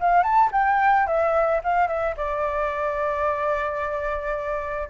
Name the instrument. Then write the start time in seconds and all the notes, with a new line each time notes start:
flute
0.00 F5
0.23 A5
0.52 G5
1.07 E5
1.63 F5
1.87 E5
2.16 D5